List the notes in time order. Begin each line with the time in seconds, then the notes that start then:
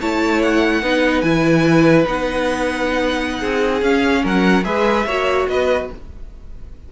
0.00 A3 E4 C#5 A5
0.42 F#5
0.81 B3 D#4 B4
1.21 E3 E4 G#5
2.05 B3 D#4 F#5
3.39 C4 G#4
3.82 C#4 F5
4.22 F#3 A#4 F#5
4.64 G#3 G#4 B4 E5
5.06 A#3 F#4 C#5
5.48 B3 B4 D#5